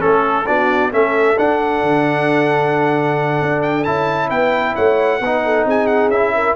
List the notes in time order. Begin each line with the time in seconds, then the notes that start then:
0.00 A3 C#4 A4
0.47 B3 D4 F#4 D5
0.92 A3 C#4 A4 E5
1.38 D4 F#5
1.83 D3
3.42 D4
3.63 G5
3.84 C#4 E4 A5
4.29 B3 B4 G5
4.75 A3 C#5 F#5
5.21 B3 D#4 B4
5.45 A4
5.66 C4 G#4 G#5
5.87 F#5
6.08 C#4 E4 E5
6.35 A#4